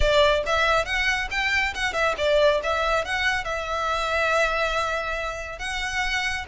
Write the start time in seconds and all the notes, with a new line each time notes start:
0.00 D5
0.46 E5
0.85 F#5
1.30 G5
1.74 F#5
1.93 E5
2.17 D5
2.63 E5
3.04 F#5
3.44 E5
5.58 F#5